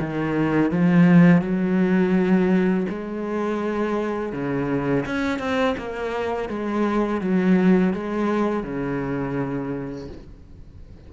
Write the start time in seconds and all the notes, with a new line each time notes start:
0.00 D#3
0.71 F3
1.42 F#3
2.89 G#3
4.33 C#3
5.06 C#4
5.39 C4
5.77 A#3
6.49 G#3
7.21 F#3
7.94 G#3
8.64 C#3